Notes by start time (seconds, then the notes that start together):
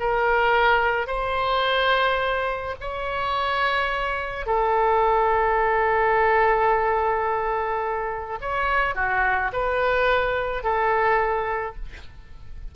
0.00 A#4
1.07 C5
2.81 C#5
4.47 A4
8.41 C#5
8.95 F#4
9.53 B4
10.64 A4